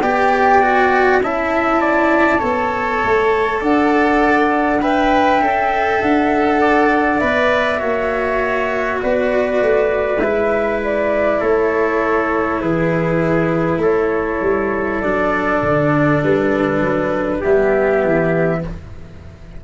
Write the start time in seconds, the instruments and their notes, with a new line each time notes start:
0.00 tuba B3, cello G4, trumpet D5, flute G5
0.61 cello F#4
1.20 tuba C#4, cello E4, trumpet E5, flute A5
1.81 trumpet D5
2.38 tuba B3, cello A4, trumpet C#5
3.04 tuba A3
3.60 tuba D4, trumpet D5, flute F#5
4.81 cello B4, trumpet E5, flute G5
5.39 tuba C#4, cello A4
6.01 tuba D4, flute F#5
6.60 trumpet D5
7.19 tuba B3, cello B4, flute E5
7.77 tuba A#3, cello F#4, trumpet C#5
9.01 tuba B3, trumpet B4, flute D5
9.61 tuba A3
10.19 tuba G#3, cello E4, flute E5
10.84 flute D5
11.39 tuba A3, trumpet A4, flute C#5
12.60 tuba E3, trumpet G#4, flute B4
13.77 tuba A3, trumpet A4, flute C#5
14.41 tuba G3
15.01 tuba F#3, cello D4, flute D5
15.62 tuba D3
16.23 tuba G3, flute B4
16.80 tuba F#3
17.40 tuba G3, cello B3, trumpet G4, flute E5
18.04 tuba E3